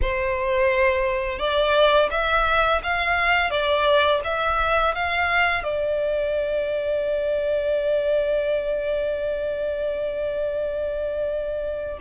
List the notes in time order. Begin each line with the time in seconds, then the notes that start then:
0.01 C5
1.39 D5
2.10 E5
2.83 F5
3.50 D5
4.24 E5
4.94 F5
5.63 D5